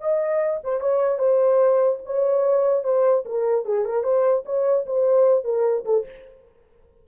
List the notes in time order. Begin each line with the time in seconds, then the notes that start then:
0.00 D#5
0.63 C5
0.80 C#5
1.18 C5
2.05 C#5
2.84 C5
3.25 A#4
3.65 G#4
3.85 A#4
4.03 C5
4.45 C#5
4.86 C5
5.44 A#4
5.85 A4